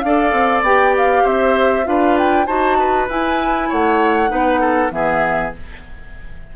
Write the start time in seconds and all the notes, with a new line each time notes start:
0.00 D4 A4 D5 F5
0.33 C4
0.62 B3 G4 G5
0.97 F5
1.24 C4 C5 E5
1.85 D4 F4 B4 F5
2.18 G5
2.46 D#4 F#4 C5 A5
2.79 B4
3.09 E4 G#5
3.69 A3 C#5 F#5
4.28 B3 D#4 B4
4.61 A4
4.91 E3 B3 G#4 E5